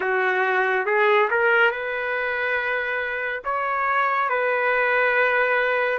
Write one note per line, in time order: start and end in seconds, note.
0.00 0.86 F#4
0.86 1.29 G#4
1.30 1.71 A#4
1.71 3.42 B4
3.44 4.29 C#5
4.29 5.98 B4